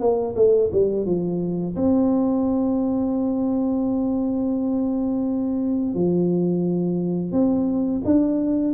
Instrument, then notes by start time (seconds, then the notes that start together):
tuba
0.00 A#3
0.36 A3
0.72 G3
1.06 F3
1.76 C4
5.95 F3
7.32 C4
8.05 D4